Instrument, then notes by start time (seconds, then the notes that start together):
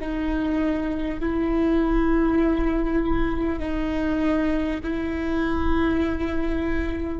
viola
0.00 D#4
1.20 E4
3.59 D#4
4.83 E4